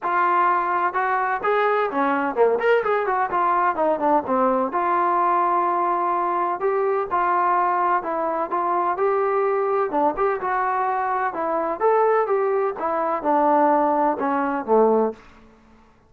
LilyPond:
\new Staff \with { instrumentName = "trombone" } { \time 4/4 \tempo 4 = 127 f'2 fis'4 gis'4 | cis'4 ais8 ais'8 gis'8 fis'8 f'4 | dis'8 d'8 c'4 f'2~ | f'2 g'4 f'4~ |
f'4 e'4 f'4 g'4~ | g'4 d'8 g'8 fis'2 | e'4 a'4 g'4 e'4 | d'2 cis'4 a4 | }